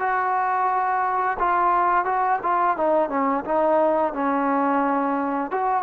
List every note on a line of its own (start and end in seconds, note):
0.00 1.38 F#4
1.39 2.05 F4
2.05 2.40 F#4
2.43 2.77 F4
2.77 3.10 D#4
3.10 3.45 C#4
3.45 4.14 D#4
4.14 5.51 C#4
5.51 5.84 F#4